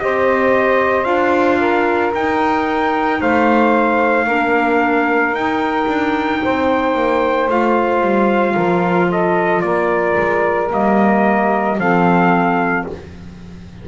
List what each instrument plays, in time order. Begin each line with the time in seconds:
0.00 double bass C4, clarinet G4, saxophone C5, trumpet D#5
1.04 double bass D4, clarinet F4, trumpet F5
1.59 saxophone A#4
2.13 double bass D#4, clarinet D#4, trumpet G5
3.21 double bass A3, saxophone C5, trumpet F5
4.25 double bass A#3, clarinet D4, saxophone A#4
5.32 double bass D#4, clarinet D#4, trumpet G5
5.87 double bass D4
6.44 double bass C4, saxophone C5
6.95 double bass A#3
7.48 double bass A3, clarinet F4, trumpet F5
8.02 double bass G3
8.53 double bass F3, saxophone A#4
9.09 saxophone A4, trumpet D#5
9.61 double bass A#3, saxophone A#4, trumpet D5
10.17 double bass G#3
10.69 double bass G3, clarinet A#3, trumpet D#5
11.78 double bass F3, clarinet C4, saxophone A4, trumpet F5